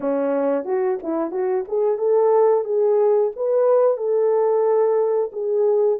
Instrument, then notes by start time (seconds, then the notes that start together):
horn
0.00 C#4
0.65 F#4
1.02 E4
1.31 F#4
1.68 G#4
1.98 A4
2.64 G#4
3.36 B4
3.97 A4
5.32 G#4